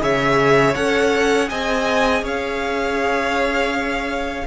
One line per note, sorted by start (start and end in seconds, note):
0.00 0.75 C#3
0.00 0.74 G#4
0.00 1.49 C#5
0.00 0.75 E5
0.75 1.50 C#4
0.75 1.46 A4
0.75 1.49 F#5
1.46 2.22 C4
1.46 4.43 G#4
1.46 2.23 D#5
1.46 2.24 G#5
2.22 4.44 C#4
2.22 4.45 C#5
2.22 4.46 F5